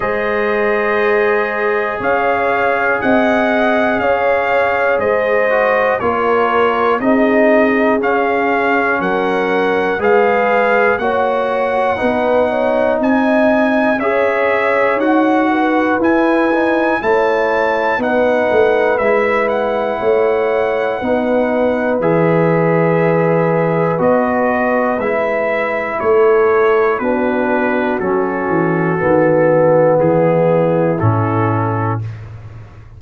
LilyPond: <<
  \new Staff \with { instrumentName = "trumpet" } { \time 4/4 \tempo 4 = 60 dis''2 f''4 fis''4 | f''4 dis''4 cis''4 dis''4 | f''4 fis''4 f''4 fis''4~ | fis''4 gis''4 e''4 fis''4 |
gis''4 a''4 fis''4 e''8 fis''8~ | fis''2 e''2 | dis''4 e''4 cis''4 b'4 | a'2 gis'4 a'4 | }
  \new Staff \with { instrumentName = "horn" } { \time 4/4 c''2 cis''4 dis''4 | cis''4 c''4 ais'4 gis'4~ | gis'4 ais'4 b'4 cis''4 | b'8 cis''8 dis''4 cis''4. b'8~ |
b'4 cis''4 b'2 | cis''4 b'2.~ | b'2 a'4 fis'4~ | fis'2 e'2 | }
  \new Staff \with { instrumentName = "trombone" } { \time 4/4 gis'1~ | gis'4. fis'8 f'4 dis'4 | cis'2 gis'4 fis'4 | dis'2 gis'4 fis'4 |
e'8 dis'8 e'4 dis'4 e'4~ | e'4 dis'4 gis'2 | fis'4 e'2 d'4 | cis'4 b2 cis'4 | }
  \new Staff \with { instrumentName = "tuba" } { \time 4/4 gis2 cis'4 c'4 | cis'4 gis4 ais4 c'4 | cis'4 fis4 gis4 ais4 | b4 c'4 cis'4 dis'4 |
e'4 a4 b8 a8 gis4 | a4 b4 e2 | b4 gis4 a4 b4 | fis8 e8 dis4 e4 a,4 | }
>>